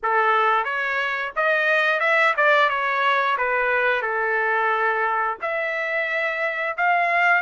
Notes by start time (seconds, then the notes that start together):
0.02 A4
0.64 C#5
1.36 D#5
2.00 E5
2.36 D5
2.69 C#5
3.37 B4
4.02 A4
5.41 E5
6.77 F5